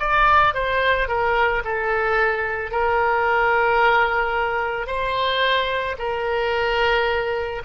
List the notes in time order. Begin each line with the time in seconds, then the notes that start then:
0.00 D5
0.54 C5
1.09 A#4
1.65 A4
2.72 A#4
4.87 C5
5.99 A#4